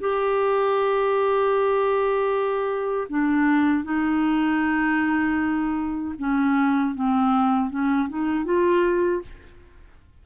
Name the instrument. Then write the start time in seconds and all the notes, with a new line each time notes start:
clarinet
0.00 G4
3.09 D4
3.84 D#4
6.19 C#4
6.95 C4
7.70 C#4
8.09 D#4
8.45 F4